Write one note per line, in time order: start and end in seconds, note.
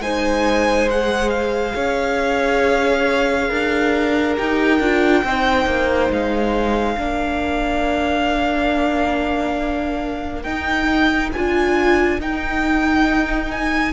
0.00 1.74 G#3
0.00 0.90 D#4
0.00 1.75 C5
0.00 0.89 G#5
0.91 4.36 G#4
0.91 1.30 F#5
1.30 4.35 F5
1.75 3.50 C#4
1.75 3.49 C#5
3.49 4.38 D4
3.49 5.23 A#4
4.36 4.80 D#4
4.36 4.80 G4
4.36 6.12 G5
4.80 5.24 D4
4.80 5.25 F4
5.24 5.66 C4
5.24 6.97 D#4
5.24 6.99 C5
5.66 6.10 A#3
6.10 6.97 G#3
6.10 10.43 F5
6.97 10.45 A#3
6.97 10.45 D4
6.97 13.93 A#4
10.43 11.32 D#4
10.43 11.33 D#4
10.43 11.30 G5
11.33 12.21 D4
11.33 12.21 F4
11.33 12.20 G#5
12.21 13.93 D#4
12.21 13.51 G5
13.51 13.93 G#5